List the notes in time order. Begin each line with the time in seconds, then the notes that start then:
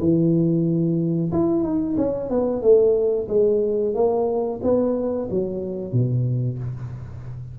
0.00 E3
1.32 E4
1.63 D#4
1.97 C#4
2.30 B3
2.62 A3
3.28 G#3
3.95 A#3
4.63 B3
5.30 F#3
5.93 B2